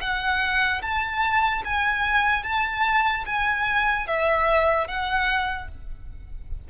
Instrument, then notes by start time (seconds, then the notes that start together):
violin
0.00 F#5
0.81 A5
1.64 G#5
2.43 A5
3.25 G#5
4.07 E5
4.87 F#5